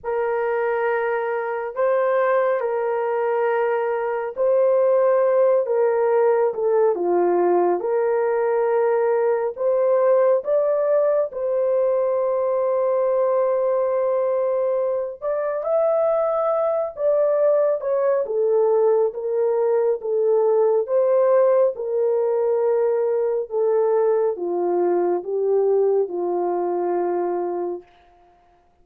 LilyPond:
\new Staff \with { instrumentName = "horn" } { \time 4/4 \tempo 4 = 69 ais'2 c''4 ais'4~ | ais'4 c''4. ais'4 a'8 | f'4 ais'2 c''4 | d''4 c''2.~ |
c''4. d''8 e''4. d''8~ | d''8 cis''8 a'4 ais'4 a'4 | c''4 ais'2 a'4 | f'4 g'4 f'2 | }